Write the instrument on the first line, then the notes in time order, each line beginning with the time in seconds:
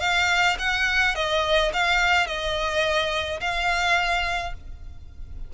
violin
0.00 F5
0.59 F#5
1.15 D#5
1.73 F5
2.27 D#5
3.40 F5